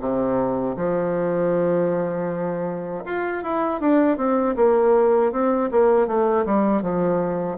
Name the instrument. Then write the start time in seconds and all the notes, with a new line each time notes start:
bassoon
0.00 C3
0.76 F3
3.05 F4
3.43 E4
3.80 D4
4.17 C4
4.56 A#3
5.32 C4
5.71 A#3
6.07 A3
6.45 G3
6.81 F3